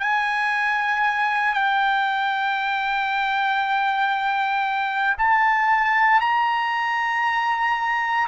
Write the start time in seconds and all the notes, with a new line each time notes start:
0.00 G#5
1.54 G5
5.19 A5
6.21 A#5